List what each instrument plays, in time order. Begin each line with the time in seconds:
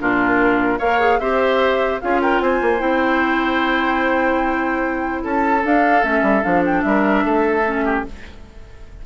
0.00 bassoon A#2, clarinet D4, oboe F4, flute A#4
0.79 bassoon A#3, clarinet A#4, oboe C#5, flute F5
1.00 clarinet G#4
1.20 bassoon C4, clarinet G4, oboe C5, flute E5
2.01 bassoon C#4, clarinet F4, oboe G#4, flute F5
2.22 oboe A#4, flute G5
2.41 bassoon C4, oboe C5, flute G#5
2.62 bassoon A#3
2.79 bassoon C4, clarinet E4, flute G5
5.24 bassoon C#4, oboe A4, flute A5
5.64 clarinet D4, bassoon D4, flute F5
6.03 bassoon A3, clarinet C#4, flute E5
6.23 bassoon G3
6.43 bassoon F3, clarinet D4, flute F5
6.66 flute G5
6.82 bassoon G3, oboe A#4, flute E5
7.25 bassoon A3, oboe A4
7.66 clarinet C#4
7.85 oboe G4